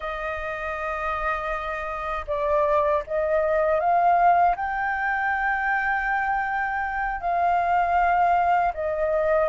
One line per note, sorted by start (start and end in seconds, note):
0.00 2.25 D#5
2.27 3.03 D5
3.07 3.79 D#5
3.79 4.55 F5
4.56 7.20 G5
7.20 8.72 F5
8.73 9.49 D#5